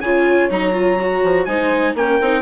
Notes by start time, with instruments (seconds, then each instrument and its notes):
0.00 bassoon C#3, viola F4, horn C#5, trumpet G#5
0.50 bassoon F#3, viola D#4, trumpet A#5
0.72 viola F4
1.00 viola F#4
1.23 bassoon F3
1.44 bassoon G#3, viola D#4, horn C5, trumpet G#5
1.94 bassoon A#3, viola C#4, horn A#4, trumpet G5
2.20 bassoon C4, viola D#4